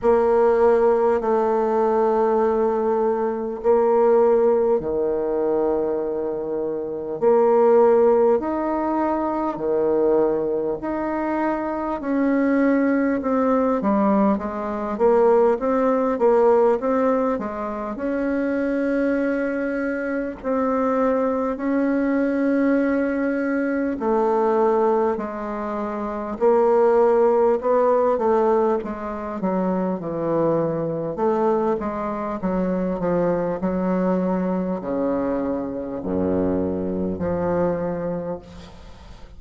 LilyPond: \new Staff \with { instrumentName = "bassoon" } { \time 4/4 \tempo 4 = 50 ais4 a2 ais4 | dis2 ais4 dis'4 | dis4 dis'4 cis'4 c'8 g8 | gis8 ais8 c'8 ais8 c'8 gis8 cis'4~ |
cis'4 c'4 cis'2 | a4 gis4 ais4 b8 a8 | gis8 fis8 e4 a8 gis8 fis8 f8 | fis4 cis4 fis,4 f4 | }